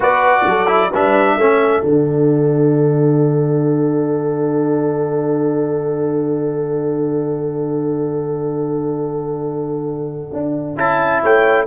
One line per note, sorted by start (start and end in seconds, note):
0.00 0.45 B3
0.00 0.66 F#4
0.00 0.43 B4
0.00 0.93 D5
0.45 0.91 F#3
0.45 0.90 A4
0.66 0.89 E4
0.90 1.37 G3
0.90 1.39 D4
0.90 1.36 B4
0.90 1.85 E5
1.36 1.82 A3
1.36 1.82 C#4
1.36 11.21 A4
1.82 10.30 D3
1.82 10.75 D4
1.82 10.78 F#5
10.33 10.76 D4
10.76 11.22 C#4
10.76 11.66 E4
10.76 11.24 A5
11.21 11.66 A3
11.21 11.66 C#5
11.21 11.66 G5